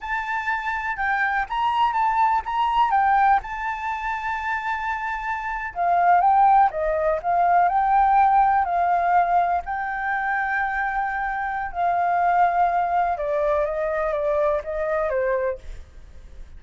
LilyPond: \new Staff \with { instrumentName = "flute" } { \time 4/4 \tempo 4 = 123 a''2 g''4 ais''4 | a''4 ais''4 g''4 a''4~ | a''2.~ a''8. f''16~ | f''8. g''4 dis''4 f''4 g''16~ |
g''4.~ g''16 f''2 g''16~ | g''1 | f''2. d''4 | dis''4 d''4 dis''4 c''4 | }